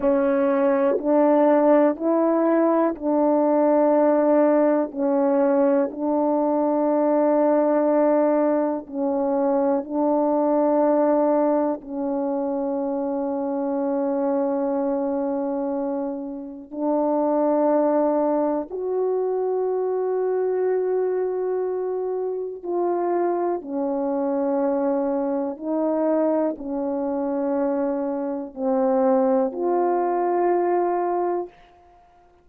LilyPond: \new Staff \with { instrumentName = "horn" } { \time 4/4 \tempo 4 = 61 cis'4 d'4 e'4 d'4~ | d'4 cis'4 d'2~ | d'4 cis'4 d'2 | cis'1~ |
cis'4 d'2 fis'4~ | fis'2. f'4 | cis'2 dis'4 cis'4~ | cis'4 c'4 f'2 | }